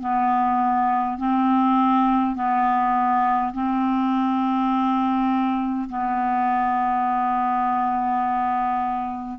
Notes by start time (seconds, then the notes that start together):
0.00 B3
1.18 C4
2.35 B3
3.53 C4
5.89 B3